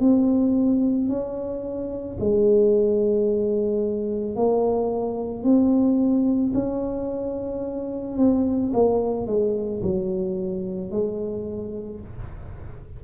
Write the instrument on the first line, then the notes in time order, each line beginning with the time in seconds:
tuba
0.00 C4
1.09 C#4
2.20 G#3
4.36 A#3
5.43 C4
6.54 C#4
8.18 C4
8.74 A#3
9.27 G#3
9.83 F#3
10.91 G#3